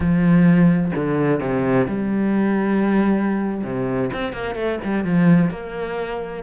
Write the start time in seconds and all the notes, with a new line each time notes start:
0.00 F3
0.95 D3
1.40 C3
1.87 G3
3.63 C3
4.13 C4
4.32 A#3
4.55 A3
4.83 G3
5.04 F3
5.50 A#3